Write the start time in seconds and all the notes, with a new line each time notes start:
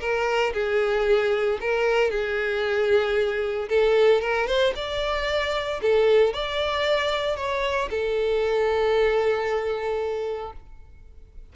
0.00 A#4
0.53 G#4
1.61 A#4
2.10 G#4
3.69 A4
4.21 A#4
4.47 C5
4.75 D5
5.82 A4
6.33 D5
7.36 C#5
7.90 A4